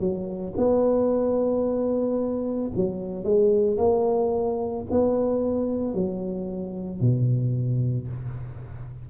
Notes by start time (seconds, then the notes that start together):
0.00 F#3
0.57 B3
2.76 F#3
3.24 G#3
3.78 A#3
4.91 B3
5.95 F#3
7.01 B2